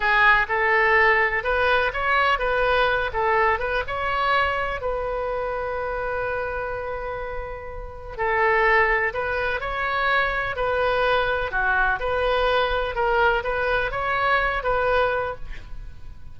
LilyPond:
\new Staff \with { instrumentName = "oboe" } { \time 4/4 \tempo 4 = 125 gis'4 a'2 b'4 | cis''4 b'4. a'4 b'8 | cis''2 b'2~ | b'1~ |
b'4 a'2 b'4 | cis''2 b'2 | fis'4 b'2 ais'4 | b'4 cis''4. b'4. | }